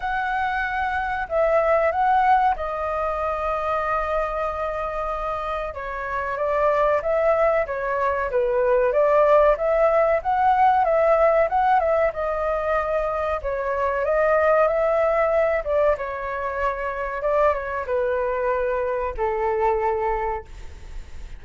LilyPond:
\new Staff \with { instrumentName = "flute" } { \time 4/4 \tempo 4 = 94 fis''2 e''4 fis''4 | dis''1~ | dis''4 cis''4 d''4 e''4 | cis''4 b'4 d''4 e''4 |
fis''4 e''4 fis''8 e''8 dis''4~ | dis''4 cis''4 dis''4 e''4~ | e''8 d''8 cis''2 d''8 cis''8 | b'2 a'2 | }